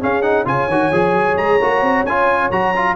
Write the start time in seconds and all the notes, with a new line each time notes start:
0.00 C#4 G#4 F5
0.22 D#4 F#5
0.45 C#3 F4 C#5 G#5
0.67 D#3 F#4
0.92 F3 G#4
1.13 F#3
1.36 G#3 A#5
1.61 A#3 F#4
1.81 C4
2.05 C#4 F4 G#5
2.51 F#3 F#4 A#5
2.76 F4